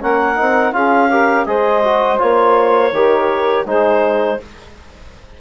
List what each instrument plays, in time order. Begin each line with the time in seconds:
0.00 bassoon A#3, trombone C#4, saxophone A#4, clarinet F#5
0.36 bassoon C4, trombone D#4
0.72 bassoon C#4, trombone F4, saxophone G#4, clarinet F5
1.10 trombone G4, saxophone A#4
1.45 bassoon G#3, trombone G#4, saxophone C5, clarinet D#5
1.84 trombone F#4
2.18 bassoon A#3, trombone F4, clarinet C#5
2.92 bassoon D#3, trombone G4, saxophone A#4
3.65 bassoon G#3, trombone D#4, saxophone G#4, clarinet C5